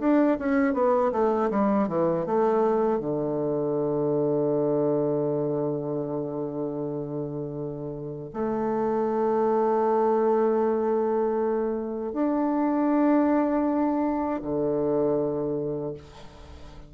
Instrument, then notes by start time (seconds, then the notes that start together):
bassoon
0.00 D4
0.39 C#4
0.74 B3
1.12 A3
1.51 G3
1.88 E3
2.26 A3
3.00 D3
8.34 A3
12.13 D4
14.43 D3